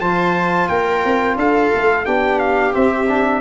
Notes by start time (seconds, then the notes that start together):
0.00 F3 F4 C5 A5
0.68 A#3 A#4 G5
1.05 C4
1.36 D4 A4 F5
1.74 A3
2.05 B3 D4 G4 G5
2.39 F5
2.72 C4 E5
3.08 D4